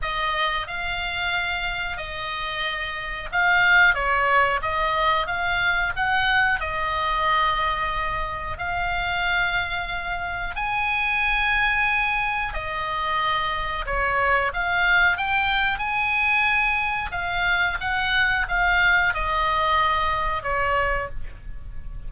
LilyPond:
\new Staff \with { instrumentName = "oboe" } { \time 4/4 \tempo 4 = 91 dis''4 f''2 dis''4~ | dis''4 f''4 cis''4 dis''4 | f''4 fis''4 dis''2~ | dis''4 f''2. |
gis''2. dis''4~ | dis''4 cis''4 f''4 g''4 | gis''2 f''4 fis''4 | f''4 dis''2 cis''4 | }